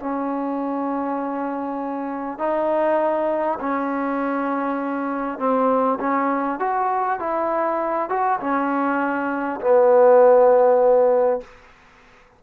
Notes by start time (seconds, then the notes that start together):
0.00 C#4
2.39 D#4
3.60 C#4
5.39 C4
6.00 C#4
6.59 F#4
7.19 E4
8.09 F#4
8.41 C#4
9.61 B3